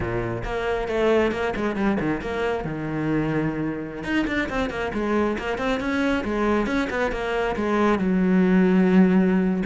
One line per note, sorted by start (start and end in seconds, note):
0.00 0.43 A#2
0.44 0.87 A#3
0.87 1.31 A3
1.31 1.53 A#3
1.55 1.75 G#3
1.75 1.97 G3
2.00 2.21 D#3
2.21 2.64 A#3
2.64 4.03 D#3
4.03 4.25 D#4
4.27 4.49 D4
4.49 4.70 C4
4.70 4.92 A#3
4.93 5.37 G#3
5.38 5.58 A#3
5.58 5.79 C4
5.80 6.23 C#4
6.24 6.66 G#3
6.66 6.88 C#4
6.90 7.11 B3
7.11 7.55 A#3
7.56 7.98 G#3
7.98 9.63 F#3